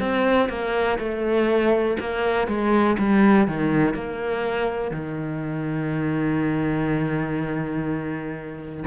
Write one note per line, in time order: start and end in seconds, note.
0.00 0.49 C4
0.49 0.98 A#3
0.99 1.97 A3
2.00 2.47 A#3
2.47 2.96 G#3
2.99 3.47 G3
3.47 3.94 D#3
3.94 4.91 A#3
4.91 8.84 D#3